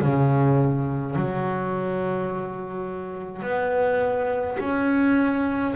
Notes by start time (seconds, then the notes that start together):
0.00 C#3
1.15 F#3
3.42 B3
4.59 C#4